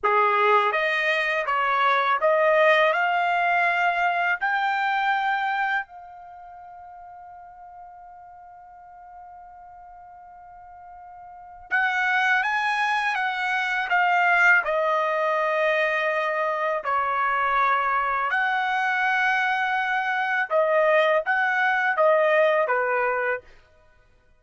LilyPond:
\new Staff \with { instrumentName = "trumpet" } { \time 4/4 \tempo 4 = 82 gis'4 dis''4 cis''4 dis''4 | f''2 g''2 | f''1~ | f''1 |
fis''4 gis''4 fis''4 f''4 | dis''2. cis''4~ | cis''4 fis''2. | dis''4 fis''4 dis''4 b'4 | }